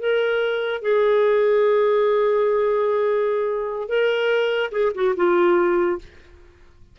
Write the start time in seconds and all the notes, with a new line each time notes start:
0.00 A#4
0.82 G#4
3.89 A#4
4.72 G#4
4.95 F#4
5.16 F4